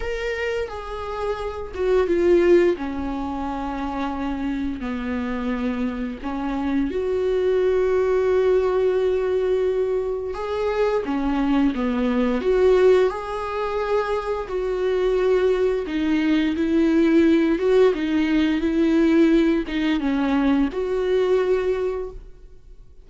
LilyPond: \new Staff \with { instrumentName = "viola" } { \time 4/4 \tempo 4 = 87 ais'4 gis'4. fis'8 f'4 | cis'2. b4~ | b4 cis'4 fis'2~ | fis'2. gis'4 |
cis'4 b4 fis'4 gis'4~ | gis'4 fis'2 dis'4 | e'4. fis'8 dis'4 e'4~ | e'8 dis'8 cis'4 fis'2 | }